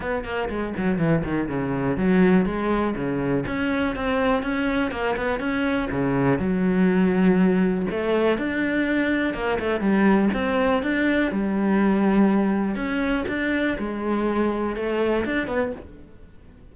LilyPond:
\new Staff \with { instrumentName = "cello" } { \time 4/4 \tempo 4 = 122 b8 ais8 gis8 fis8 e8 dis8 cis4 | fis4 gis4 cis4 cis'4 | c'4 cis'4 ais8 b8 cis'4 | cis4 fis2. |
a4 d'2 ais8 a8 | g4 c'4 d'4 g4~ | g2 cis'4 d'4 | gis2 a4 d'8 b8 | }